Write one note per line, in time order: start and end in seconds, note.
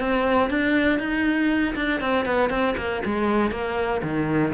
0.00 0.50 C4
0.50 0.99 D4
0.99 1.75 D#4
1.76 2.01 D4
2.01 2.26 C4
2.26 2.50 B3
2.50 2.75 C4
2.77 3.03 A#3
3.05 3.51 G#3
3.51 4.02 A#3
4.03 4.54 D#3